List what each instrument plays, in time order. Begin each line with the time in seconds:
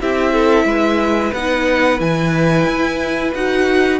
0.00 cello C4, viola E4, violin G4 E5
0.32 violin A4
0.65 cello G#3, violin B4
1.33 cello B3, viola D#4, violin F#5
1.98 cello E3, viola E4, violin G#5
2.66 cello E4
3.34 cello D#4, viola F#4, violin F#5